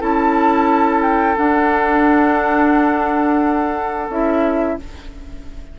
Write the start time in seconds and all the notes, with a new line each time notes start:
0.00 C#4 E4 A4 A5
1.03 G5
1.37 D4 F#5
4.09 C#4 E4 E5